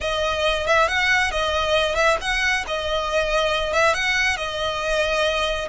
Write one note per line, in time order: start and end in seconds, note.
0.01 0.66 D#5
0.66 0.88 E5
0.88 1.31 F#5
1.31 1.95 D#5
1.95 2.17 E5
2.21 2.64 F#5
2.67 3.73 D#5
3.73 3.94 E5
3.94 4.37 F#5
4.37 5.68 D#5